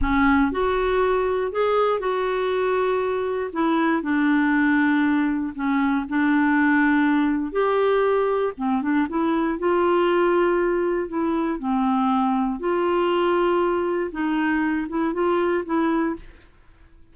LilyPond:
\new Staff \with { instrumentName = "clarinet" } { \time 4/4 \tempo 4 = 119 cis'4 fis'2 gis'4 | fis'2. e'4 | d'2. cis'4 | d'2. g'4~ |
g'4 c'8 d'8 e'4 f'4~ | f'2 e'4 c'4~ | c'4 f'2. | dis'4. e'8 f'4 e'4 | }